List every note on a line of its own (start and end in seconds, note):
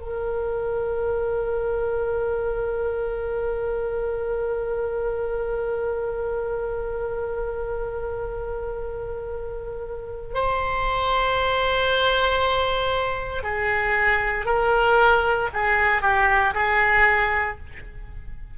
0.00 10.34 A#4
10.34 13.43 C5
13.43 14.45 G#4
14.45 15.49 A#4
15.53 16.02 G#4
16.02 16.54 G4
16.54 17.58 G#4